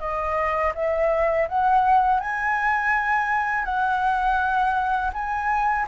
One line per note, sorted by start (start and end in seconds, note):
0.00 0.73 D#5
0.75 1.48 E5
1.49 2.20 F#5
2.20 3.65 G#5
3.65 5.11 F#5
5.14 5.87 G#5